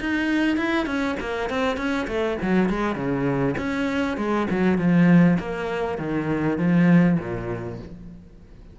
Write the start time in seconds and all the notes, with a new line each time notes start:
0.00 D#4
0.57 E4
0.86 C#4
1.20 A#3
1.49 C4
1.77 C#4
2.08 A3
2.42 F#3
2.69 G#3
2.95 C#3
3.57 C#4
4.17 G#3
4.50 F#3
4.78 F3
5.39 A#3
5.98 D#3
6.58 F3
7.19 A#2